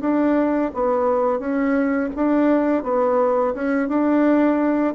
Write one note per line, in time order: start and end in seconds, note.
0.00 0.71 D4
0.73 1.39 B3
1.39 2.09 C#4
2.15 2.83 D4
2.83 3.53 B3
3.54 3.88 C#4
3.88 4.94 D4